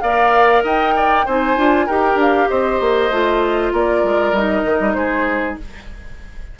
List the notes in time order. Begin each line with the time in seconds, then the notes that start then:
0.00 A#3 A#4 D5 F5
0.63 D#4 D#5 G5
0.96 D5
1.25 C4 D#4 C5 G#5
1.56 D4 F4
1.86 D#4 G4 A#4 G5
2.14 D4 F5
2.48 C4 C5 D#5
2.80 A#3
3.10 A3 F4
3.72 A#3 A#4 D5
4.03 G#3
4.32 G3 D#4 D#5
4.64 D#3
4.79 G3
4.93 G#3 G#4 C5